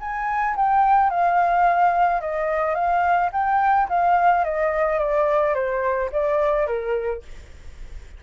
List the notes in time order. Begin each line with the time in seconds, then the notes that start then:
0.00 G#5
0.56 G5
1.10 F5
2.21 D#5
2.75 F5
3.33 G5
3.89 F5
4.44 D#5
4.99 D5
5.55 C5
6.12 D5
6.67 A#4